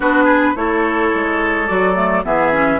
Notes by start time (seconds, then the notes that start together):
0.00 B3 D4 F#4 B4
0.24 G#4
0.55 A3 E4 A4 C#5
1.14 G#3
1.67 F#3 F#4 D5
1.94 A3
2.24 E3 B3 G#4 E5
2.52 C#4